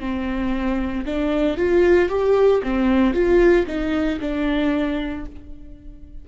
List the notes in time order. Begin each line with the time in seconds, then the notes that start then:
0.00 C4
1.06 D4
1.58 F4
2.10 G4
2.64 C4
3.14 F4
3.67 D#4
4.21 D4